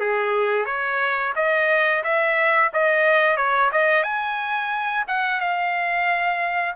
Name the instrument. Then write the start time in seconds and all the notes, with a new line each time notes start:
trumpet
0.00 G#4
0.65 C#5
1.35 D#5
2.03 E5
2.73 D#5
3.36 C#5
3.72 D#5
4.03 G#5
5.07 F#5
5.40 F5